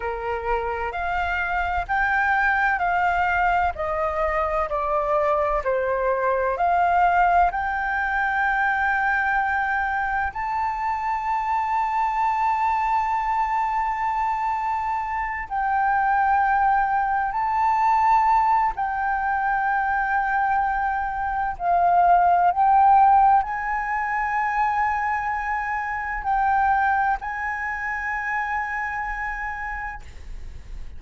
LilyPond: \new Staff \with { instrumentName = "flute" } { \time 4/4 \tempo 4 = 64 ais'4 f''4 g''4 f''4 | dis''4 d''4 c''4 f''4 | g''2. a''4~ | a''1~ |
a''8 g''2 a''4. | g''2. f''4 | g''4 gis''2. | g''4 gis''2. | }